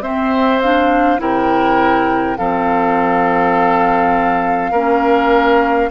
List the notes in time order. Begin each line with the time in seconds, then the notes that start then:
0.00 C4 C5 E5
0.61 D4 F5
1.18 C3 E4 A#4 G5
2.37 F3 C4 A4 F5
4.71 A#3 C#4 A#4